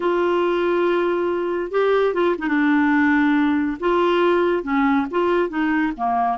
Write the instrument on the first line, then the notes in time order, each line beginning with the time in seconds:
clarinet
0.00 F4
1.71 G4
2.14 F4
2.38 D#4
2.48 D4
3.80 F4
4.63 C#4
5.10 F4
5.49 D#4
5.96 A#3